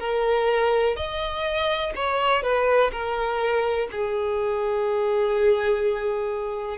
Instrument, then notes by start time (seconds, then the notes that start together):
violin
0.00 A#4
0.96 D#5
1.95 C#5
2.43 B4
2.92 A#4
3.91 G#4